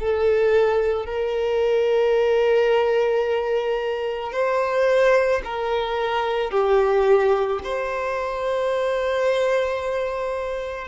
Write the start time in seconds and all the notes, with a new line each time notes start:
0.00 A4
1.06 A#4
4.33 C5
5.45 A#4
6.51 G4
7.64 C5